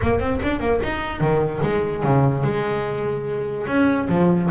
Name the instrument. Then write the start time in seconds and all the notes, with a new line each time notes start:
double bass
0.01 A#3
0.19 C4
0.42 D4
0.60 A#3
0.83 D#4
1.20 D#3
1.62 G#3
2.03 C#3
2.43 G#3
3.67 C#4
4.09 F3